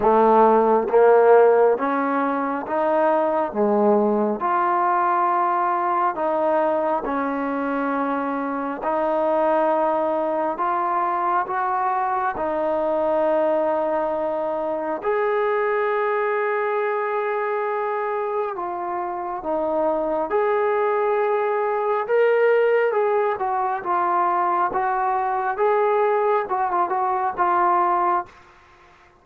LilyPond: \new Staff \with { instrumentName = "trombone" } { \time 4/4 \tempo 4 = 68 a4 ais4 cis'4 dis'4 | gis4 f'2 dis'4 | cis'2 dis'2 | f'4 fis'4 dis'2~ |
dis'4 gis'2.~ | gis'4 f'4 dis'4 gis'4~ | gis'4 ais'4 gis'8 fis'8 f'4 | fis'4 gis'4 fis'16 f'16 fis'8 f'4 | }